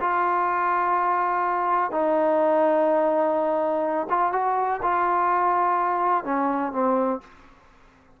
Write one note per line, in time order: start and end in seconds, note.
0.00 1.91 F4
1.91 4.07 D#4
4.09 4.32 F4
4.32 4.80 F#4
4.82 6.24 F4
6.24 6.72 C#4
6.72 7.20 C4